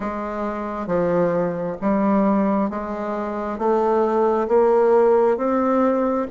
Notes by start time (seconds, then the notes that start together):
0.00 G#3
0.87 F3
1.81 G3
2.70 G#3
3.58 A3
4.48 A#3
5.37 C4